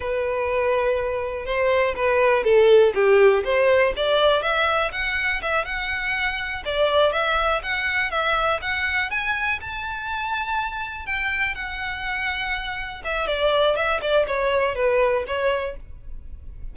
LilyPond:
\new Staff \with { instrumentName = "violin" } { \time 4/4 \tempo 4 = 122 b'2. c''4 | b'4 a'4 g'4 c''4 | d''4 e''4 fis''4 e''8 fis''8~ | fis''4. d''4 e''4 fis''8~ |
fis''8 e''4 fis''4 gis''4 a''8~ | a''2~ a''8 g''4 fis''8~ | fis''2~ fis''8 e''8 d''4 | e''8 d''8 cis''4 b'4 cis''4 | }